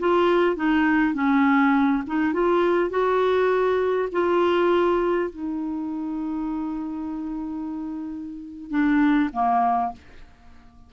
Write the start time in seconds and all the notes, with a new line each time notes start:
0.00 F4
0.56 D#4
1.14 C#4
2.07 D#4
2.34 F4
2.91 F#4
4.13 F4
5.30 D#4
8.71 D4
9.33 A#3